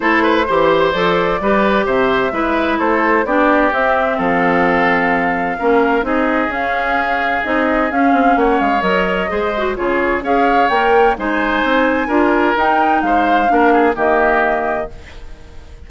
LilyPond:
<<
  \new Staff \with { instrumentName = "flute" } { \time 4/4 \tempo 4 = 129 c''2 d''2 | e''2 c''4 d''4 | e''4 f''2.~ | f''4 dis''4 f''2 |
dis''4 f''4 fis''8 f''8 dis''4~ | dis''4 cis''4 f''4 g''4 | gis''2. g''4 | f''2 dis''2 | }
  \new Staff \with { instrumentName = "oboe" } { \time 4/4 a'8 b'8 c''2 b'4 | c''4 b'4 a'4 g'4~ | g'4 a'2. | ais'4 gis'2.~ |
gis'2 cis''2 | c''4 gis'4 cis''2 | c''2 ais'2 | c''4 ais'8 gis'8 g'2 | }
  \new Staff \with { instrumentName = "clarinet" } { \time 4/4 e'4 g'4 a'4 g'4~ | g'4 e'2 d'4 | c'1 | cis'4 dis'4 cis'2 |
dis'4 cis'2 ais'4 | gis'8 fis'8 f'4 gis'4 ais'4 | dis'2 f'4 dis'4~ | dis'4 d'4 ais2 | }
  \new Staff \with { instrumentName = "bassoon" } { \time 4/4 a4 e4 f4 g4 | c4 gis4 a4 b4 | c'4 f2. | ais4 c'4 cis'2 |
c'4 cis'8 c'8 ais8 gis8 fis4 | gis4 cis4 cis'4 ais4 | gis4 c'4 d'4 dis'4 | gis4 ais4 dis2 | }
>>